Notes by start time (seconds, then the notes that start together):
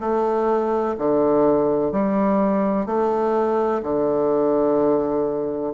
0.00 A3
0.98 D3
1.92 G3
2.86 A3
3.83 D3